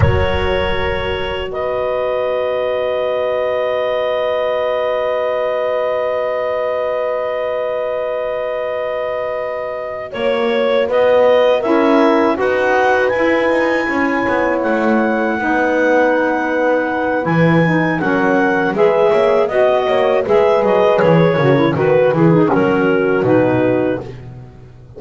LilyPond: <<
  \new Staff \with { instrumentName = "clarinet" } { \time 4/4 \tempo 4 = 80 cis''2 dis''2~ | dis''1~ | dis''1~ | dis''4. cis''4 dis''4 e''8~ |
e''8 fis''4 gis''2 fis''8~ | fis''2. gis''4 | fis''4 e''4 dis''4 e''8 dis''8 | cis''4 b'8 gis'8 ais'4 b'4 | }
  \new Staff \with { instrumentName = "horn" } { \time 4/4 ais'2 b'2~ | b'1~ | b'1~ | b'4. cis''4 b'4 ais'8~ |
ais'8 b'2 cis''4.~ | cis''8 b'2.~ b'8 | ais'4 b'8 cis''8 dis''8 cis''8 b'4~ | b'8 ais'8 b'4 fis'2 | }
  \new Staff \with { instrumentName = "saxophone" } { \time 4/4 fis'1~ | fis'1~ | fis'1~ | fis'2.~ fis'8 e'8~ |
e'8 fis'4 e'2~ e'8~ | e'8 dis'2~ dis'8 e'8 dis'8 | cis'4 gis'4 fis'4 gis'4~ | gis'8 fis'16 e'16 fis'8 e'16 dis'16 cis'4 dis'4 | }
  \new Staff \with { instrumentName = "double bass" } { \time 4/4 fis2 b2~ | b1~ | b1~ | b4. ais4 b4 cis'8~ |
cis'8 dis'4 e'8 dis'8 cis'8 b8 a8~ | a8 b2~ b8 e4 | fis4 gis8 ais8 b8 ais8 gis8 fis8 | e8 cis8 dis8 e8 fis4 b,4 | }
>>